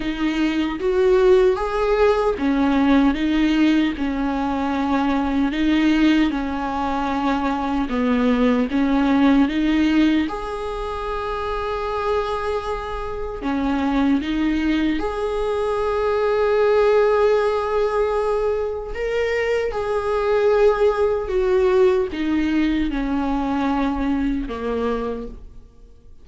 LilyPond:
\new Staff \with { instrumentName = "viola" } { \time 4/4 \tempo 4 = 76 dis'4 fis'4 gis'4 cis'4 | dis'4 cis'2 dis'4 | cis'2 b4 cis'4 | dis'4 gis'2.~ |
gis'4 cis'4 dis'4 gis'4~ | gis'1 | ais'4 gis'2 fis'4 | dis'4 cis'2 ais4 | }